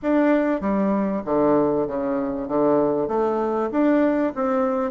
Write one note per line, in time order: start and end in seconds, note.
0.02 0.60 D4
0.60 1.22 G3
1.25 1.87 D3
1.87 2.47 C#3
2.47 3.08 D3
3.08 3.70 A3
3.71 4.33 D4
4.35 4.91 C4